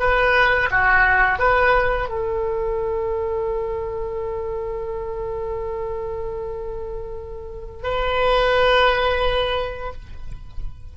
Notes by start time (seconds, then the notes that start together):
0.00 B4
0.71 F#4
1.39 B4
2.09 A4
7.84 B4